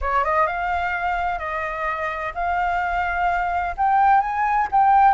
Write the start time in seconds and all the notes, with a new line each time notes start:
0.01 C#5
0.24 D#5
0.46 F5
1.38 D#5
2.34 F5
3.77 G5
4.20 G#5
4.71 G5